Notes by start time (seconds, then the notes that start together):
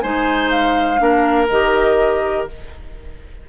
0.00 G#3 D#4 C5 G#5
0.50 F5
0.98 A#3 D4 A#4
1.49 D#3 G4 D#5